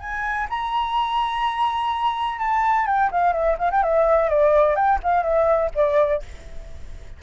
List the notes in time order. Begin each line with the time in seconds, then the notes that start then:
0.00 G#5
0.50 A#5
2.39 A5
2.87 G5
3.11 F5
3.33 E5
3.58 F5
3.71 G5
3.83 E5
4.29 D5
4.76 G5
5.03 F5
5.23 E5
5.75 D5